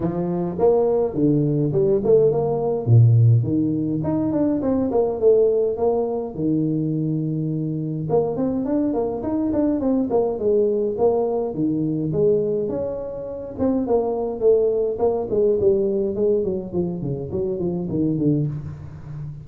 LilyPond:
\new Staff \with { instrumentName = "tuba" } { \time 4/4 \tempo 4 = 104 f4 ais4 d4 g8 a8 | ais4 ais,4 dis4 dis'8 d'8 | c'8 ais8 a4 ais4 dis4~ | dis2 ais8 c'8 d'8 ais8 |
dis'8 d'8 c'8 ais8 gis4 ais4 | dis4 gis4 cis'4. c'8 | ais4 a4 ais8 gis8 g4 | gis8 fis8 f8 cis8 fis8 f8 dis8 d8 | }